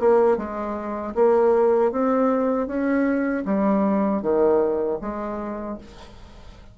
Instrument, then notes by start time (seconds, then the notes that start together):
bassoon
0.00 A#3
0.38 G#3
1.15 A#3
1.92 C4
2.67 C#4
3.45 G3
4.22 D#3
5.01 G#3